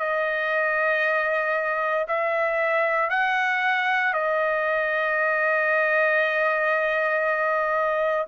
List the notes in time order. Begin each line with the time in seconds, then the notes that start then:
0.00 D#5
2.08 E5
3.10 F#5
4.14 D#5